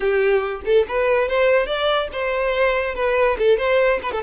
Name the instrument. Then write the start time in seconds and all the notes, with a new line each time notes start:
violin
0.00 G4
0.65 A4
0.88 B4
1.28 C5
1.66 D5
2.12 C5
2.95 B4
3.38 A4
3.57 C5
4.03 B4
4.12 A4